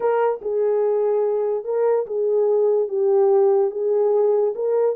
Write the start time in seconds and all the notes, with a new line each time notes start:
0.00 A#4
0.41 G#4
1.64 A#4
2.06 G#4
2.88 G4
3.70 G#4
4.55 A#4